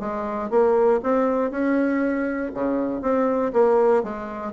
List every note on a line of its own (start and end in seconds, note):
0.00 0.50 G#3
0.50 1.01 A#3
1.03 1.51 C4
1.51 2.52 C#4
2.54 3.02 C#3
3.02 3.52 C4
3.53 4.03 A#3
4.03 4.53 G#3